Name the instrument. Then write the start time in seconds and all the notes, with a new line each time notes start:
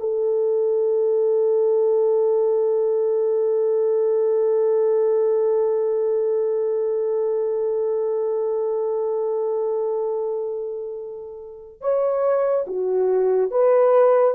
horn
0.00 A4
11.81 C#5
12.67 F#4
13.51 B4